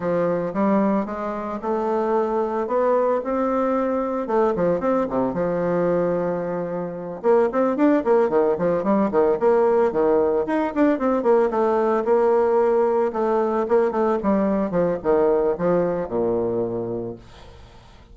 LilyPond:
\new Staff \with { instrumentName = "bassoon" } { \time 4/4 \tempo 4 = 112 f4 g4 gis4 a4~ | a4 b4 c'2 | a8 f8 c'8 c8 f2~ | f4. ais8 c'8 d'8 ais8 dis8 |
f8 g8 dis8 ais4 dis4 dis'8 | d'8 c'8 ais8 a4 ais4.~ | ais8 a4 ais8 a8 g4 f8 | dis4 f4 ais,2 | }